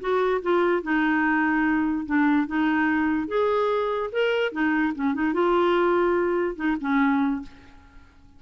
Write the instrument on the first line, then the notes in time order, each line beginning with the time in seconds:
clarinet
0.00 F#4
0.42 F4
0.82 D#4
2.05 D4
2.47 D#4
3.28 G#4
4.12 A#4
4.52 D#4
4.94 C#4
5.14 D#4
5.33 F4
6.56 D#4
6.80 C#4